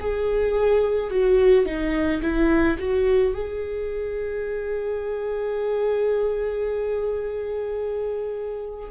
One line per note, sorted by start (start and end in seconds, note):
0.00 1.11 G#4
1.11 1.66 F#4
1.66 2.21 D#4
2.22 2.78 E4
2.79 3.34 F#4
3.34 8.89 G#4